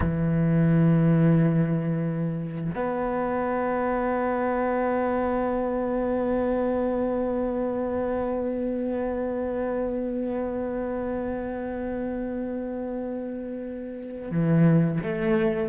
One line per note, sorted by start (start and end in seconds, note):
0.00 2.71 E3
2.74 14.31 B3
14.31 14.99 E3
15.02 15.68 A3